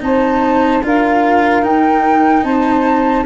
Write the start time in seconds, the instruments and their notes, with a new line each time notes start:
0.00 tuba C4, cello D#4, saxophone C5, flute A5
0.83 tuba D4, cello F4, saxophone A#4, flute F5
1.62 cello D#4, tuba D#4, flute G5
2.43 tuba C4, saxophone C5, flute A5